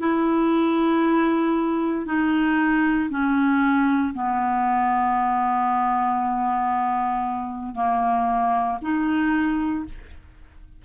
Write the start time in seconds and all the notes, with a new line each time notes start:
0.00 E4
2.06 D#4
3.11 C#4
4.14 B3
7.75 A#3
8.82 D#4